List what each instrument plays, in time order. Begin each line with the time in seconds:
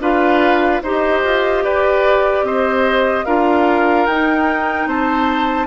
0.00 bassoon D4, clarinet F4, oboe B4, flute F5
0.83 bassoon D#4, clarinet G4, oboe C5, flute D#5
1.23 bassoon F4
1.64 bassoon G4, oboe B4, flute D5
2.43 bassoon C4, oboe C5, flute D#5
3.25 bassoon D4, clarinet F4, oboe A#4, flute F5
4.06 bassoon D#4, clarinet D#4, flute G5
4.87 bassoon C4, oboe C5, flute A5